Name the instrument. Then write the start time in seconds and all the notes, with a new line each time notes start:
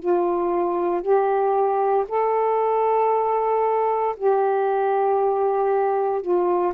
saxophone
0.00 F4
1.02 G4
2.09 A4
4.17 G4
6.22 F4